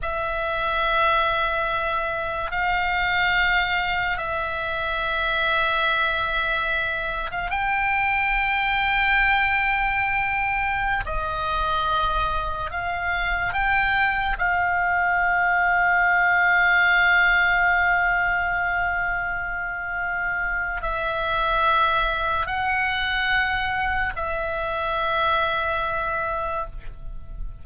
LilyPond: \new Staff \with { instrumentName = "oboe" } { \time 4/4 \tempo 4 = 72 e''2. f''4~ | f''4 e''2.~ | e''8. f''16 g''2.~ | g''4~ g''16 dis''2 f''8.~ |
f''16 g''4 f''2~ f''8.~ | f''1~ | f''4 e''2 fis''4~ | fis''4 e''2. | }